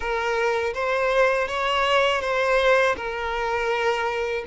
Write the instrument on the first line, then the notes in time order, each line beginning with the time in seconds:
violin
0.00 A#4
0.74 C5
1.48 C#5
2.21 C5
2.96 A#4